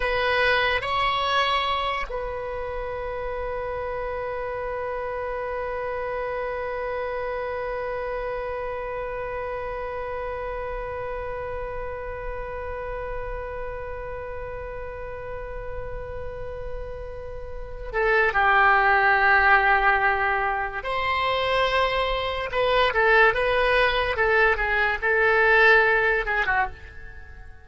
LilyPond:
\new Staff \with { instrumentName = "oboe" } { \time 4/4 \tempo 4 = 72 b'4 cis''4. b'4.~ | b'1~ | b'1~ | b'1~ |
b'1~ | b'4. a'8 g'2~ | g'4 c''2 b'8 a'8 | b'4 a'8 gis'8 a'4. gis'16 fis'16 | }